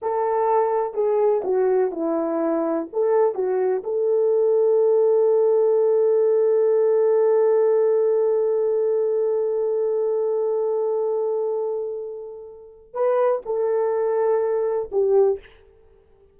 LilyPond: \new Staff \with { instrumentName = "horn" } { \time 4/4 \tempo 4 = 125 a'2 gis'4 fis'4 | e'2 a'4 fis'4 | a'1~ | a'1~ |
a'1~ | a'1~ | a'2. b'4 | a'2. g'4 | }